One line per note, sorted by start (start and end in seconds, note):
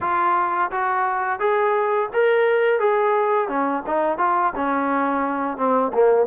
0.00 0.70 F4
0.71 1.39 F#4
1.39 2.09 G#4
2.13 2.79 A#4
2.79 3.48 G#4
3.48 3.83 C#4
3.86 4.18 D#4
4.18 4.53 F4
4.55 5.57 C#4
5.57 5.91 C4
5.93 6.26 A#3